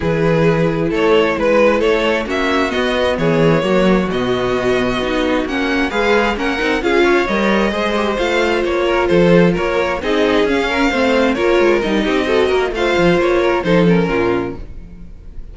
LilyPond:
<<
  \new Staff \with { instrumentName = "violin" } { \time 4/4 \tempo 4 = 132 b'2 cis''4 b'4 | cis''4 e''4 dis''4 cis''4~ | cis''4 dis''2. | fis''4 f''4 fis''4 f''4 |
dis''2 f''4 cis''4 | c''4 cis''4 dis''4 f''4~ | f''4 cis''4 dis''2 | f''4 cis''4 c''8 ais'4. | }
  \new Staff \with { instrumentName = "violin" } { \time 4/4 gis'2 a'4 b'4 | a'4 fis'2 gis'4 | fis'1~ | fis'4 b'4 ais'4 gis'8 cis''8~ |
cis''4 c''2~ c''8 ais'8 | a'4 ais'4 gis'4. ais'8 | c''4 ais'4. g'8 a'8 ais'8 | c''4. ais'8 a'4 f'4 | }
  \new Staff \with { instrumentName = "viola" } { \time 4/4 e'1~ | e'4 cis'4 b2 | ais4 b2 dis'4 | cis'4 gis'4 cis'8 dis'8 f'4 |
ais'4 gis'8 g'8 f'2~ | f'2 dis'4 cis'4 | c'4 f'4 dis'4 fis'4 | f'2 dis'8 cis'4. | }
  \new Staff \with { instrumentName = "cello" } { \time 4/4 e2 a4 gis4 | a4 ais4 b4 e4 | fis4 b,2 b4 | ais4 gis4 ais8 c'8 cis'4 |
g4 gis4 a4 ais4 | f4 ais4 c'4 cis'4 | a4 ais8 gis8 g8 c'4 ais8 | a8 f8 ais4 f4 ais,4 | }
>>